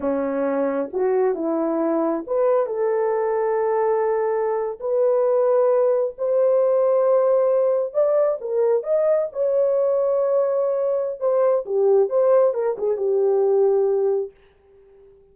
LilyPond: \new Staff \with { instrumentName = "horn" } { \time 4/4 \tempo 4 = 134 cis'2 fis'4 e'4~ | e'4 b'4 a'2~ | a'2~ a'8. b'4~ b'16~ | b'4.~ b'16 c''2~ c''16~ |
c''4.~ c''16 d''4 ais'4 dis''16~ | dis''8. cis''2.~ cis''16~ | cis''4 c''4 g'4 c''4 | ais'8 gis'8 g'2. | }